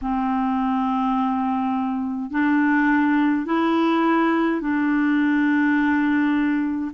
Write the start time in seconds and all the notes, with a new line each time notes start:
0.01 C4
2.31 D4
3.45 E4
4.60 D4